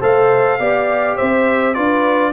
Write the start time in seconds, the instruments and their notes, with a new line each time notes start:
0.00 tuba A3, trombone A4, horn C5, trumpet F5
0.59 tuba B3, trombone G4, horn D5
1.16 tuba C4, horn C5, trumpet E5
1.74 tuba D4, trombone F4, horn B4, trumpet D5